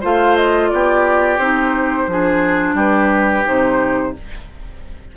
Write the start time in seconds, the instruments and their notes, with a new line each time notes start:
0.00 bassoon A3, clarinet F4, oboe C5, flute F5
0.36 flute D#5
0.69 bassoon B3, oboe G4, flute D5
1.37 bassoon C4, clarinet D#4, flute C5
2.07 bassoon F3, clarinet D4, oboe G#4
2.74 bassoon G3, oboe G4, flute B4
3.44 bassoon C3, clarinet D#4, flute C5